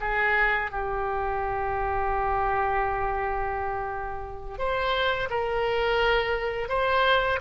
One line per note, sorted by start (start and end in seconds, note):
0.00 0.71 G#4
0.71 4.58 G4
4.58 5.28 C5
5.30 6.69 A#4
6.69 7.39 C5